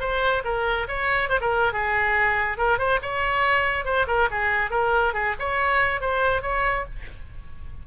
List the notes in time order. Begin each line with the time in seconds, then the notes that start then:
0.00 C5
0.44 A#4
0.88 C#5
1.29 C5
1.41 A#4
1.73 G#4
2.57 A#4
2.78 C5
3.02 C#5
3.85 C5
4.07 A#4
4.31 G#4
4.70 A#4
5.13 G#4
5.39 C#5
6.01 C5
6.42 C#5